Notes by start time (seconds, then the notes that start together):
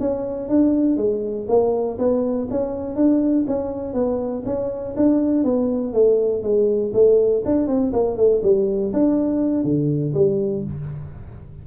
0.00 C#4
0.49 D4
0.97 G#3
1.48 A#3
1.98 B3
2.50 C#4
2.95 D4
3.47 C#4
3.94 B3
4.46 C#4
4.96 D4
5.44 B3
5.93 A3
6.43 G#3
6.93 A3
7.45 D4
7.67 C4
7.92 A#3
8.17 A3
8.43 G3
8.93 D4
9.64 D3
10.14 G3